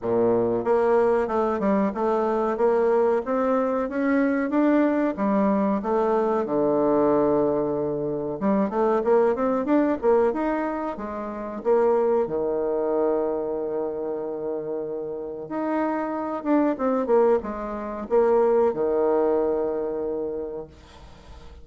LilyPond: \new Staff \with { instrumentName = "bassoon" } { \time 4/4 \tempo 4 = 93 ais,4 ais4 a8 g8 a4 | ais4 c'4 cis'4 d'4 | g4 a4 d2~ | d4 g8 a8 ais8 c'8 d'8 ais8 |
dis'4 gis4 ais4 dis4~ | dis1 | dis'4. d'8 c'8 ais8 gis4 | ais4 dis2. | }